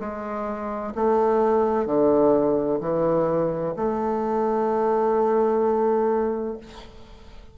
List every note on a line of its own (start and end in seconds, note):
0.00 0.94 G#3
0.95 1.87 A3
1.87 2.80 D3
2.81 3.75 E3
3.77 6.58 A3